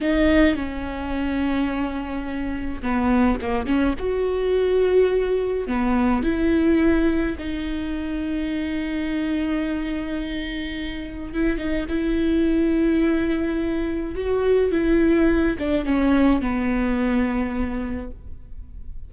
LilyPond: \new Staff \with { instrumentName = "viola" } { \time 4/4 \tempo 4 = 106 dis'4 cis'2.~ | cis'4 b4 ais8 cis'8 fis'4~ | fis'2 b4 e'4~ | e'4 dis'2.~ |
dis'1 | e'8 dis'8 e'2.~ | e'4 fis'4 e'4. d'8 | cis'4 b2. | }